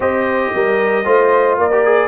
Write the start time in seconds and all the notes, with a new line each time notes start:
0.00 C4 G4 C5 D#5
0.54 G3 A#4
1.04 A3 F4 C5
1.57 A#3 A#4 D5
1.72 G4
1.85 G#4